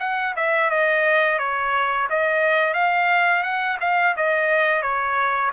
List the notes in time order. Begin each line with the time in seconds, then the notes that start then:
0.00 F#5
0.36 E5
0.70 D#5
1.39 C#5
2.10 D#5
2.74 F5
3.43 F#5
3.81 F5
4.17 D#5
4.82 C#5